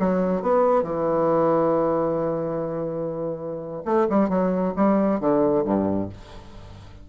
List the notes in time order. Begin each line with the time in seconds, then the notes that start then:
0.00 F#3
0.42 B3
0.83 E3
3.85 A3
4.10 G3
4.30 F#3
4.76 G3
5.20 D3
5.65 G2